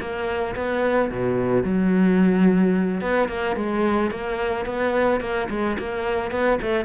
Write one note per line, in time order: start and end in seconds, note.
0.00 0.55 A#3
0.56 1.11 B3
1.11 1.64 B2
1.64 3.01 F#3
3.01 3.29 B3
3.29 3.56 A#3
3.56 4.11 G#3
4.11 4.66 A#3
4.66 5.21 B3
5.21 5.48 A#3
5.50 5.77 G#3
5.79 6.31 A#3
6.31 6.59 B3
6.62 6.85 A3